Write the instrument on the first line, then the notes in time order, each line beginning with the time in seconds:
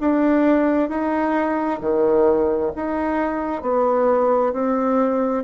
bassoon
0.00 D4
0.90 D#4
1.81 D#3
2.76 D#4
3.62 B3
4.53 C4